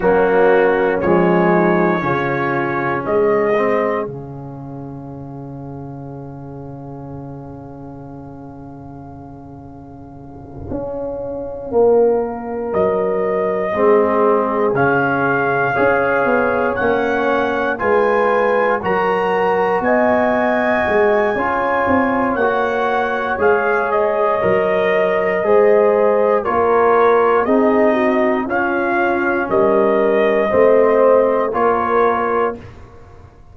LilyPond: <<
  \new Staff \with { instrumentName = "trumpet" } { \time 4/4 \tempo 4 = 59 fis'4 cis''2 dis''4 | f''1~ | f''1~ | f''8 dis''2 f''4.~ |
f''8 fis''4 gis''4 ais''4 gis''8~ | gis''2 fis''4 f''8 dis''8~ | dis''2 cis''4 dis''4 | f''4 dis''2 cis''4 | }
  \new Staff \with { instrumentName = "horn" } { \time 4/4 cis'4. dis'8 f'4 gis'4~ | gis'1~ | gis'2.~ gis'8 ais'8~ | ais'4. gis'2 cis''8~ |
cis''4. b'4 ais'4 dis''8~ | dis''4 cis''2.~ | cis''4 c''4 ais'4 gis'8 fis'8 | f'4 ais'4 c''4 ais'4 | }
  \new Staff \with { instrumentName = "trombone" } { \time 4/4 ais4 gis4 cis'4. c'8 | cis'1~ | cis'1~ | cis'4. c'4 cis'4 gis'8~ |
gis'8 cis'4 f'4 fis'4.~ | fis'4 f'4 fis'4 gis'4 | ais'4 gis'4 f'4 dis'4 | cis'2 c'4 f'4 | }
  \new Staff \with { instrumentName = "tuba" } { \time 4/4 fis4 f4 cis4 gis4 | cis1~ | cis2~ cis8 cis'4 ais8~ | ais8 fis4 gis4 cis4 cis'8 |
b8 ais4 gis4 fis4 b8~ | b8 gis8 cis'8 c'8 ais4 gis4 | fis4 gis4 ais4 c'4 | cis'4 g4 a4 ais4 | }
>>